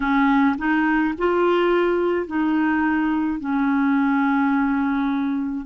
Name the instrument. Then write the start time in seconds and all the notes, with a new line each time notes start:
clarinet
0.00 C#4
0.58 D#4
1.17 F4
2.26 D#4
3.40 C#4